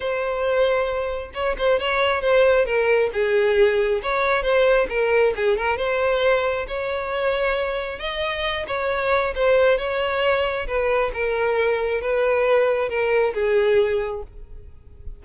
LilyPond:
\new Staff \with { instrumentName = "violin" } { \time 4/4 \tempo 4 = 135 c''2. cis''8 c''8 | cis''4 c''4 ais'4 gis'4~ | gis'4 cis''4 c''4 ais'4 | gis'8 ais'8 c''2 cis''4~ |
cis''2 dis''4. cis''8~ | cis''4 c''4 cis''2 | b'4 ais'2 b'4~ | b'4 ais'4 gis'2 | }